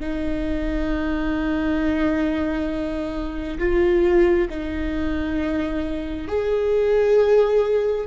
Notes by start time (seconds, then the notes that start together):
0.00 D#4
3.59 F4
4.50 D#4
6.28 G#4